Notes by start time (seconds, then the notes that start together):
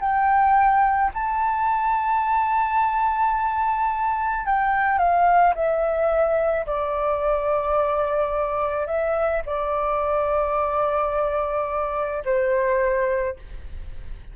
0.00 G5
1.14 A5
4.46 G5
4.98 F5
5.55 E5
6.66 D5
8.86 E5
9.45 D5
12.25 C5